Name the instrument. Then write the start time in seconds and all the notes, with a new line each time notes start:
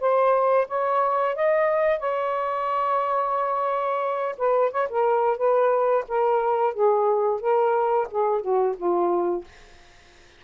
saxophone
0.00 C5
0.68 C#5
1.35 D#5
1.99 C#5
4.38 B4
4.71 C#5
4.89 A#4
5.37 B4
6.08 A#4
6.74 G#4
7.40 A#4
8.11 G#4
8.41 F#4
8.77 F4